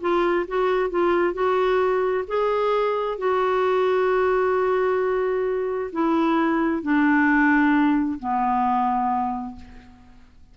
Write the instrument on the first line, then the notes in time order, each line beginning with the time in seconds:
clarinet
0.00 F4
0.47 F#4
0.89 F4
1.33 F#4
2.27 G#4
3.18 F#4
5.92 E4
6.82 D4
8.19 B3